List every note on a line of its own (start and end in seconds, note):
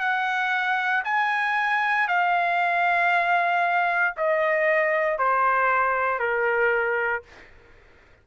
0.00 1.03 F#5
1.05 2.08 G#5
2.08 4.15 F5
4.18 5.19 D#5
5.19 6.20 C5
6.20 7.23 A#4